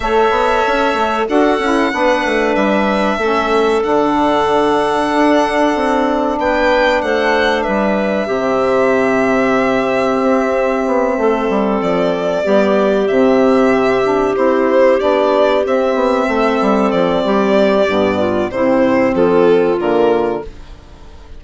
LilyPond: <<
  \new Staff \with { instrumentName = "violin" } { \time 4/4 \tempo 4 = 94 e''2 fis''2 | e''2 fis''2~ | fis''2 g''4 fis''4 | e''1~ |
e''2~ e''8 d''4.~ | d''8 e''2 c''4 d''8~ | d''8 e''2 d''4.~ | d''4 c''4 a'4 ais'4 | }
  \new Staff \with { instrumentName = "clarinet" } { \time 4/4 cis''2 a'4 b'4~ | b'4 a'2.~ | a'2 b'4 c''4 | b'4 g'2.~ |
g'4. a'2 g'8~ | g'1~ | g'4. a'4. g'4~ | g'8 f'8 e'4 f'2 | }
  \new Staff \with { instrumentName = "saxophone" } { \time 4/4 a'2 fis'8 e'8 d'4~ | d'4 cis'4 d'2~ | d'1~ | d'4 c'2.~ |
c'2.~ c'8 b8~ | b8 c'4. d'8 e'4 d'8~ | d'8 c'2.~ c'8 | b4 c'2 ais4 | }
  \new Staff \with { instrumentName = "bassoon" } { \time 4/4 a8 b8 cis'8 a8 d'8 cis'8 b8 a8 | g4 a4 d2 | d'4 c'4 b4 a4 | g4 c2. |
c'4 b8 a8 g8 f4 g8~ | g8 c2 c'4 b8~ | b8 c'8 b8 a8 g8 f8 g4 | g,4 c4 f4 d4 | }
>>